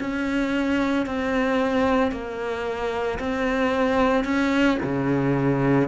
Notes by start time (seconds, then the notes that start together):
0.00 C#4
1.06 C4
2.12 A#3
3.19 C4
4.25 C#4
4.83 C#3